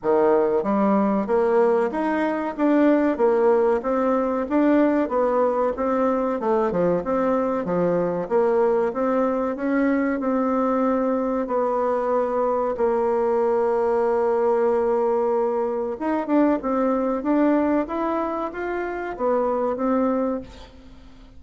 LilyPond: \new Staff \with { instrumentName = "bassoon" } { \time 4/4 \tempo 4 = 94 dis4 g4 ais4 dis'4 | d'4 ais4 c'4 d'4 | b4 c'4 a8 f8 c'4 | f4 ais4 c'4 cis'4 |
c'2 b2 | ais1~ | ais4 dis'8 d'8 c'4 d'4 | e'4 f'4 b4 c'4 | }